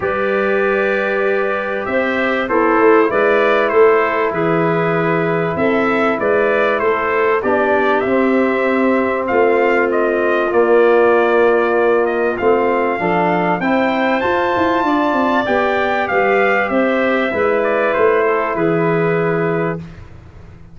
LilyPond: <<
  \new Staff \with { instrumentName = "trumpet" } { \time 4/4 \tempo 4 = 97 d''2. e''4 | c''4 d''4 c''4 b'4~ | b'4 e''4 d''4 c''4 | d''4 e''2 f''4 |
dis''4 d''2~ d''8 dis''8 | f''2 g''4 a''4~ | a''4 g''4 f''4 e''4~ | e''8 d''8 c''4 b'2 | }
  \new Staff \with { instrumentName = "clarinet" } { \time 4/4 b'2. c''4 | e'4 b'4 a'4 gis'4~ | gis'4 a'4 b'4 a'4 | g'2. f'4~ |
f'1~ | f'4 a'4 c''2 | d''2 b'4 c''4 | b'4. a'8 gis'2 | }
  \new Staff \with { instrumentName = "trombone" } { \time 4/4 g'1 | a'4 e'2.~ | e'1 | d'4 c'2.~ |
c'4 ais2. | c'4 d'4 e'4 f'4~ | f'4 g'2. | e'1 | }
  \new Staff \with { instrumentName = "tuba" } { \time 4/4 g2. c'4 | b8 a8 gis4 a4 e4~ | e4 c'4 gis4 a4 | b4 c'2 a4~ |
a4 ais2. | a4 f4 c'4 f'8 e'8 | d'8 c'8 b4 g4 c'4 | gis4 a4 e2 | }
>>